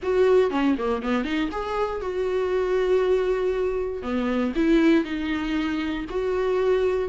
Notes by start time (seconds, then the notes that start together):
0.02 F#4
0.50 C#4
0.77 A#3
1.02 B3
1.24 D#4
1.51 G#4
2.01 F#4
4.02 B3
4.55 E4
5.04 D#4
6.09 F#4